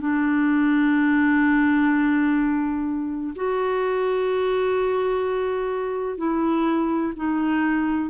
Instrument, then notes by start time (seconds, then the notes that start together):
clarinet
0.00 D4
3.35 F#4
6.17 E4
7.16 D#4